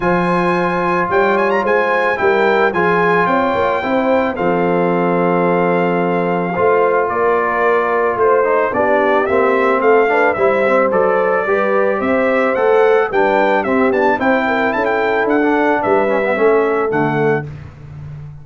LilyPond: <<
  \new Staff \with { instrumentName = "trumpet" } { \time 4/4 \tempo 4 = 110 gis''2 g''8 gis''16 ais''16 gis''4 | g''4 gis''4 g''2 | f''1~ | f''4 d''2 c''4 |
d''4 e''4 f''4 e''4 | d''2 e''4 fis''4 | g''4 e''8 a''8 g''4 a''16 g''8. | fis''4 e''2 fis''4 | }
  \new Staff \with { instrumentName = "horn" } { \time 4/4 c''2 cis''4 c''4 | ais'4 gis'4 cis''4 c''4 | a'1 | c''4 ais'2 c''4 |
g'2 a'8 b'8 c''4~ | c''4 b'4 c''2 | b'4 g'4 c''8 ais'8 a'4~ | a'4 b'4 a'2 | }
  \new Staff \with { instrumentName = "trombone" } { \time 4/4 f'1 | e'4 f'2 e'4 | c'1 | f'2.~ f'8 dis'8 |
d'4 c'4. d'8 e'8 c'8 | a'4 g'2 a'4 | d'4 c'8 d'8 e'2~ | e'16 d'4~ d'16 cis'16 b16 cis'4 a4 | }
  \new Staff \with { instrumentName = "tuba" } { \time 4/4 f2 g4 gis4 | g4 f4 c'8 ais8 c'4 | f1 | a4 ais2 a4 |
b4 ais4 a4 g4 | fis4 g4 c'4 a4 | g4 c'8 b8 c'4 cis'4 | d'4 g4 a4 d4 | }
>>